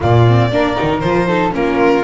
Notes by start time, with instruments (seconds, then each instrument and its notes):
0.00 double bass A#2, viola A#3, flute F4, violin D5
0.27 viola C4
0.51 double bass A#3, viola D4, flute A#4
0.75 viola D#4
0.82 double bass D#3
0.99 double bass F3, viola F4, violin C5
1.27 viola D#4, flute A4
1.50 double bass A#3, viola C#4, flute F4, violin A#4